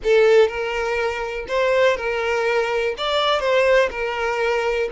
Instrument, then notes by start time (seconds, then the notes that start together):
violin
0.03 A4
0.47 A#4
1.48 C5
1.96 A#4
2.97 D5
3.40 C5
3.90 A#4